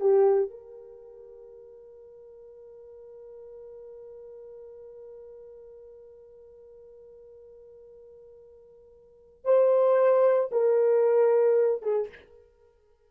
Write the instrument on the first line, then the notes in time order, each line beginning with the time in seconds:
horn
0.00 G4
0.50 A#4
9.44 C5
10.51 A#4
11.82 G#4